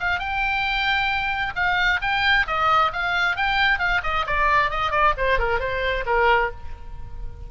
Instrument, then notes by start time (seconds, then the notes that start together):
oboe
0.00 F5
0.19 G5
1.56 F5
2.01 G5
2.47 D#5
2.93 F5
3.36 G5
3.79 F5
4.03 D#5
4.26 D5
4.70 D#5
4.91 D5
5.17 C5
5.39 A#4
5.59 C5
6.06 A#4